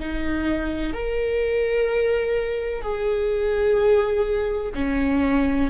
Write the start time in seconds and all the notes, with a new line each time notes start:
0.00 D#4
0.94 A#4
2.82 G#4
4.75 C#4